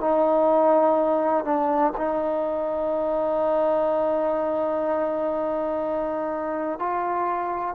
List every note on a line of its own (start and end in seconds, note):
0.00 1.44 D#4
1.44 1.93 D4
1.97 6.79 D#4
6.79 7.75 F4